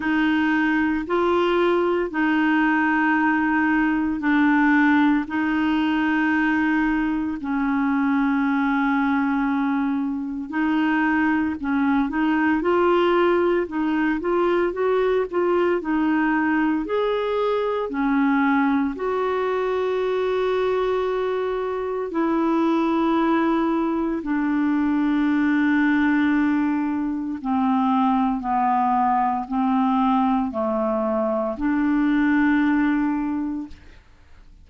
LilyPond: \new Staff \with { instrumentName = "clarinet" } { \time 4/4 \tempo 4 = 57 dis'4 f'4 dis'2 | d'4 dis'2 cis'4~ | cis'2 dis'4 cis'8 dis'8 | f'4 dis'8 f'8 fis'8 f'8 dis'4 |
gis'4 cis'4 fis'2~ | fis'4 e'2 d'4~ | d'2 c'4 b4 | c'4 a4 d'2 | }